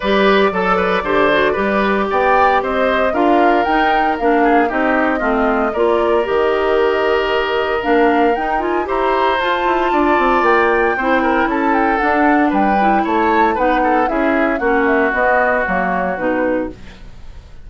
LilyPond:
<<
  \new Staff \with { instrumentName = "flute" } { \time 4/4 \tempo 4 = 115 d''1 | g''4 dis''4 f''4 g''4 | f''4 dis''2 d''4 | dis''2. f''4 |
g''8 gis''8 ais''4 a''2 | g''2 a''8 g''8 fis''4 | g''4 a''4 fis''4 e''4 | fis''8 e''8 dis''4 cis''4 b'4 | }
  \new Staff \with { instrumentName = "oboe" } { \time 4/4 b'4 a'8 b'8 c''4 b'4 | d''4 c''4 ais'2~ | ais'8 gis'8 g'4 f'4 ais'4~ | ais'1~ |
ais'4 c''2 d''4~ | d''4 c''8 ais'8 a'2 | b'4 cis''4 b'8 a'8 gis'4 | fis'1 | }
  \new Staff \with { instrumentName = "clarinet" } { \time 4/4 g'4 a'4 g'8 fis'8 g'4~ | g'2 f'4 dis'4 | d'4 dis'4 c'4 f'4 | g'2. d'4 |
dis'8 f'8 g'4 f'2~ | f'4 e'2 d'4~ | d'8 e'4. dis'4 e'4 | cis'4 b4 ais4 dis'4 | }
  \new Staff \with { instrumentName = "bassoon" } { \time 4/4 g4 fis4 d4 g4 | b4 c'4 d'4 dis'4 | ais4 c'4 a4 ais4 | dis2. ais4 |
dis'4 e'4 f'8 e'8 d'8 c'8 | ais4 c'4 cis'4 d'4 | g4 a4 b4 cis'4 | ais4 b4 fis4 b,4 | }
>>